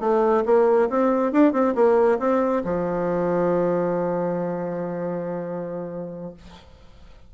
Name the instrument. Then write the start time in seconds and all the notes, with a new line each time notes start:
bassoon
0.00 A3
0.45 A#3
0.89 C4
1.32 D4
1.52 C4
1.75 A#3
2.19 C4
2.64 F3